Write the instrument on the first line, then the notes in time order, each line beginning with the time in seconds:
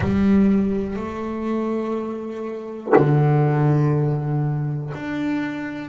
double bass
0.00 G3
0.96 A3
2.95 D3
4.94 D4